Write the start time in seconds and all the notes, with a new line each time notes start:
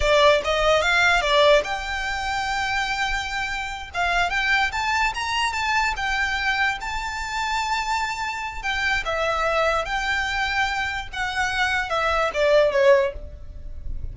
0.00 D5
0.44 D#5
0.82 F5
1.21 D5
1.64 G5
3.94 F5
4.30 G5
4.72 A5
5.14 A#5
5.53 A5
5.96 G5
6.80 A5
8.62 G5
9.05 E5
9.85 G5
11.12 F#5
11.89 E5
12.33 D5
12.71 C#5